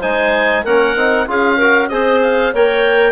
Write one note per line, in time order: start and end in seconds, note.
0.00 0.65 G#3
0.00 0.66 D#4
0.00 0.63 C5
0.00 0.66 G#5
0.65 0.96 A#3
0.65 0.97 C#4
0.65 1.28 A#4
0.65 1.29 F#5
0.96 1.28 C4
0.96 1.28 D#4
1.28 1.91 C#4
1.28 1.60 F4
1.28 1.57 G#4
1.28 1.89 F5
1.57 1.91 F#4
1.57 1.89 A#4
1.89 2.54 C4
1.89 2.54 G#4
1.89 2.54 C5
1.89 2.21 D#5
2.23 2.54 F5
2.54 3.13 A#3
2.54 3.13 A#4
2.54 3.13 C#5
2.54 3.13 G5